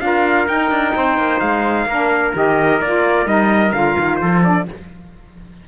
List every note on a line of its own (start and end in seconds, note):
0.00 0.47 D4
0.00 0.47 F4
0.00 0.96 A#4
0.00 0.47 F5
0.48 0.70 D#4
0.48 1.88 D#4
0.48 1.39 G5
0.70 0.93 D4
0.95 1.17 C4
0.95 1.89 C5
1.17 1.41 A#3
1.39 1.85 G#3
1.39 2.32 F5
1.85 2.32 A#3
1.85 2.34 D4
1.85 4.21 A#4
2.34 2.81 D#3
2.34 2.80 G4
2.34 2.81 D#5
2.81 3.26 A#3
2.81 3.25 F4
2.81 3.27 D5
3.25 3.72 G3
3.25 3.72 D#4
3.25 3.72 D#5
3.72 3.96 D3
3.72 4.43 F4
3.72 4.16 F5
3.98 4.21 D#3
4.16 4.68 F3
4.16 4.68 A4
4.16 4.39 C5
4.43 4.67 D4
4.43 4.67 D5